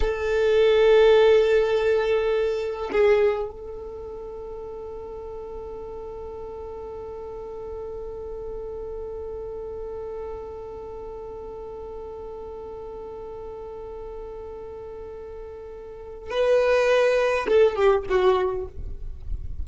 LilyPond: \new Staff \with { instrumentName = "violin" } { \time 4/4 \tempo 4 = 103 a'1~ | a'4 gis'4 a'2~ | a'1~ | a'1~ |
a'1~ | a'1~ | a'1 | b'2 a'8 g'8 fis'4 | }